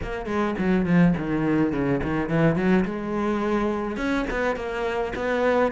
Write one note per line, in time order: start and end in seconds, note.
0.02 0.26 A#3
0.26 0.54 G#3
0.58 0.85 F#3
0.85 1.14 F3
1.17 1.72 D#3
1.72 2.01 C#3
2.03 2.29 D#3
2.29 2.55 E3
2.55 2.84 F#3
2.84 3.96 G#3
3.96 4.25 C#4
4.30 4.56 B3
4.56 5.13 A#3
5.15 5.71 B3